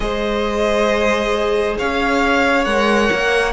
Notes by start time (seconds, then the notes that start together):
0.00 G#3 G#4 C5 D#5
1.77 C#4 C#5 F5
2.65 G#3 A#4 F#5
3.12 A#3